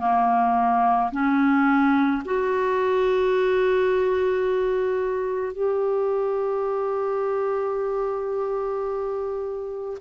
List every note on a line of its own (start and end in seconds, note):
0.00 1.11 A#3
1.12 2.23 C#4
2.25 5.53 F#4
5.53 9.97 G4